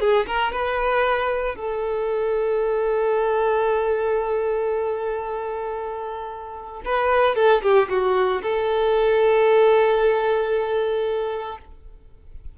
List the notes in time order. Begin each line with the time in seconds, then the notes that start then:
0.00 G#4
0.27 A#4
0.52 B4
1.56 A4
6.85 B4
7.35 A4
7.62 G4
7.89 F#4
8.43 A4